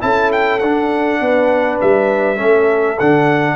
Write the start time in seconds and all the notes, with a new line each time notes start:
0.00 C#4 E4 A4 A5
0.32 G5
0.59 D4 F#5
1.20 B3 B4
1.81 G3 E5
2.36 A3 C#4 A4
2.99 D3 D4 F#5